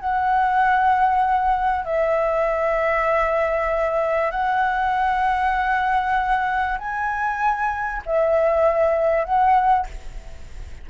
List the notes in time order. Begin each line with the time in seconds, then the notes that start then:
0.00 F#5
1.85 E5
4.31 F#5
6.79 G#5
8.06 E5
9.25 F#5